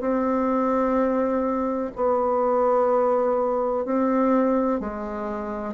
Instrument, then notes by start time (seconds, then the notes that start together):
bassoon
0.00 C4
1.95 B3
3.85 C4
4.80 G#3